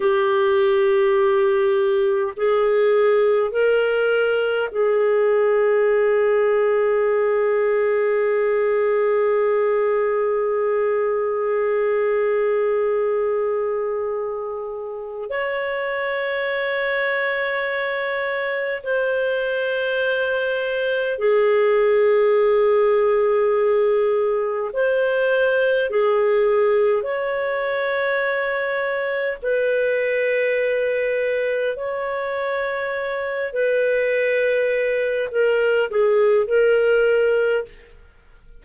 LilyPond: \new Staff \with { instrumentName = "clarinet" } { \time 4/4 \tempo 4 = 51 g'2 gis'4 ais'4 | gis'1~ | gis'1~ | gis'4 cis''2. |
c''2 gis'2~ | gis'4 c''4 gis'4 cis''4~ | cis''4 b'2 cis''4~ | cis''8 b'4. ais'8 gis'8 ais'4 | }